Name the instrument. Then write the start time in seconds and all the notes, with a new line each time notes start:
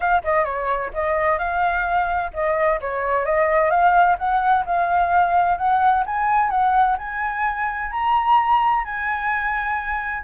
flute
0.00 F5
0.23 D#5
0.44 C#5
0.93 D#5
1.38 F5
2.33 D#5
2.80 C#5
3.25 D#5
3.70 F5
4.18 F#5
4.65 F5
5.57 F#5
6.05 G#5
6.50 F#5
6.98 G#5
7.91 A#5
8.84 G#5